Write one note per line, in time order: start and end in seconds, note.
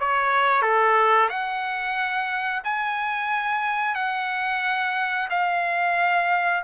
0.00 0.62 C#5
0.62 1.29 A4
1.29 2.62 F#5
2.64 3.95 G#5
3.95 5.28 F#5
5.30 6.64 F5